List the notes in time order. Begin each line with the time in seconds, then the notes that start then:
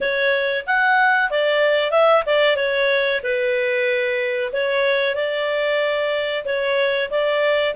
0.00 C#5
0.66 F#5
1.30 D5
1.91 E5
2.26 D5
2.56 C#5
3.23 B4
4.52 C#5
5.15 D5
6.45 C#5
7.10 D5